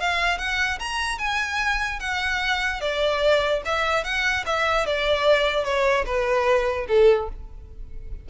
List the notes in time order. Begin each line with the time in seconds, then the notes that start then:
0.00 F5
0.38 F#5
0.79 A#5
1.18 G#5
2.00 F#5
2.81 D5
3.65 E5
4.04 F#5
4.46 E5
4.86 D5
5.64 C#5
6.06 B4
6.88 A4